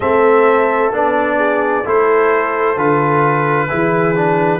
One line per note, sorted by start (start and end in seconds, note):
0.00 0.92 A3
0.00 0.92 C4
0.00 1.37 A4
0.00 0.92 E5
0.92 1.84 B3
0.92 1.84 D4
0.92 1.87 D5
1.37 1.83 G#4
1.83 2.76 A3
1.83 2.77 E4
1.83 3.68 A4
1.83 2.78 C5
2.76 3.69 D3
2.76 3.68 F4
2.76 4.59 B4
3.68 4.59 E3
3.68 4.14 E4
3.68 4.59 G#4
4.15 4.59 D4